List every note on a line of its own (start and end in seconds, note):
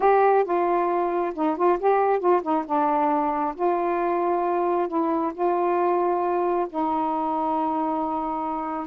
0.00 0.44 G4
0.44 1.33 F4
1.34 1.56 D#4
1.56 1.78 F4
1.79 2.19 G4
2.19 2.41 F4
2.42 2.64 D#4
2.65 3.54 D4
3.55 4.88 F4
4.88 5.32 E4
5.34 6.67 F4
6.69 8.87 D#4